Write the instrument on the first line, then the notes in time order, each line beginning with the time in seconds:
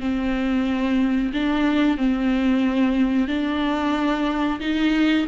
viola
0.00 C4
1.33 D4
1.97 C4
3.27 D4
4.60 D#4